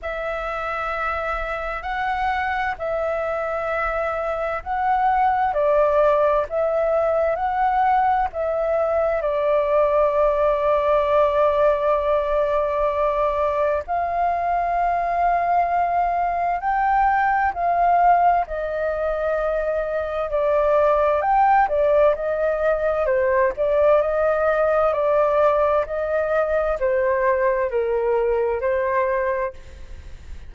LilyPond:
\new Staff \with { instrumentName = "flute" } { \time 4/4 \tempo 4 = 65 e''2 fis''4 e''4~ | e''4 fis''4 d''4 e''4 | fis''4 e''4 d''2~ | d''2. f''4~ |
f''2 g''4 f''4 | dis''2 d''4 g''8 d''8 | dis''4 c''8 d''8 dis''4 d''4 | dis''4 c''4 ais'4 c''4 | }